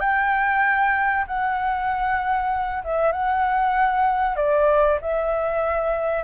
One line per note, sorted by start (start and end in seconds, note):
0.00 1.25 G5
1.27 2.83 F#5
2.84 3.12 E5
3.12 4.36 F#5
4.36 4.99 D5
5.01 6.24 E5